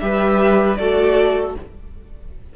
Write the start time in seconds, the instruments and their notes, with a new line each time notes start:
0.00 cello G3, viola G4, violin B4 E5
0.76 cello A3, viola F#4, violin A4 D5